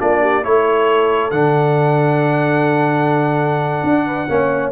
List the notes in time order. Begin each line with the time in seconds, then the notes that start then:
0.00 A#3 D4 F4 D5
0.22 G4
0.44 A3 E4 A4 C#5
1.31 D3 D4 F#5
3.84 D4
4.06 B4
4.29 A#3 C#4 C#5